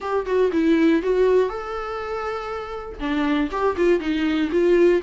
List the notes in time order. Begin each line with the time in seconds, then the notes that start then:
0.00 G4
0.25 F#4
0.52 E4
1.02 F#4
1.49 A4
2.99 D4
3.51 G4
3.76 F4
4.00 D#4
4.51 F4